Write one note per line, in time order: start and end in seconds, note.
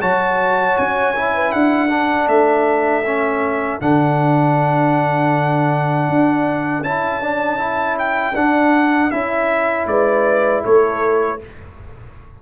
0.00 0.77 F#3
0.00 1.15 F#4
0.00 1.33 C#5
0.00 0.78 A5
0.78 1.54 C#4
0.78 1.52 G#5
1.16 1.89 E4
1.34 1.53 B4
1.52 2.27 D4
1.52 9.88 A4
1.52 2.28 F#5
1.89 3.03 D4
2.27 3.79 A3
2.27 3.80 E5
3.06 3.81 C#4
3.81 6.09 D3
3.81 6.84 D4
3.81 6.84 F#5
6.09 6.81 D4
6.81 8.33 C#4
6.81 7.21 E4
6.81 7.97 A5
7.21 7.58 D4
7.58 8.34 E4
7.99 8.35 G5
8.35 9.11 D4
8.35 9.12 D4
8.35 9.11 F#5
9.11 9.86 C#4
9.11 11.40 E4
9.11 9.87 E5
9.86 10.62 G#3
9.86 10.64 B4
9.86 10.63 D5
10.64 11.42 A3
10.64 11.40 A4
10.64 11.41 C#5